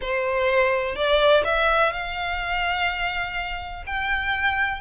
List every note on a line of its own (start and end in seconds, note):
0.01 0.95 C5
0.95 1.43 D5
1.44 1.92 E5
1.92 3.84 F5
3.86 4.81 G5